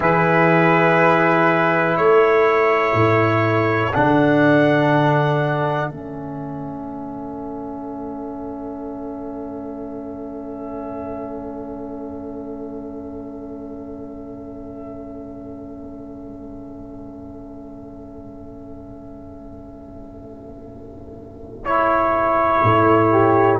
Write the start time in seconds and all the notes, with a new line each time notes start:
0.00 E3 E4 G#4 B4
1.97 A3 A4 C#5
2.93 A2
3.93 D3 D4 F#5
5.89 A3 C#4 E5
21.64 E4 C#5
22.62 A2
23.11 G4